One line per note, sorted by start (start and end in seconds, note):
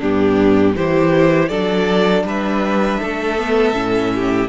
0.00 0.76 G2
0.00 0.75 B3
0.00 0.75 D4
0.00 0.76 G4
0.75 1.50 E3
0.75 1.50 E4
0.75 1.49 G4
0.75 1.49 C5
1.49 2.24 F#3
1.49 3.38 D4
1.49 2.24 A4
1.49 2.24 D5
2.24 2.99 G3
2.24 3.01 B4
2.24 4.49 E5
3.01 3.73 A3
3.01 4.13 A4
3.38 3.74 B3
3.73 4.48 A2
3.73 4.49 C#4
4.15 4.49 G4